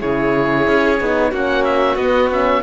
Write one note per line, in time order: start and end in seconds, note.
0.00 0.68 C#3
0.00 0.99 E4
0.00 1.30 G#4
0.00 1.33 C#5
0.68 1.01 C#4
1.01 1.32 B3
1.01 1.32 D#4
1.30 1.96 A#3
1.30 1.98 C#4
1.30 2.62 F#4
1.30 1.65 F#5
1.65 1.97 E5
1.96 2.62 B3
1.96 2.31 B3
1.96 2.30 D#5
2.31 2.63 C#4
2.31 2.63 E5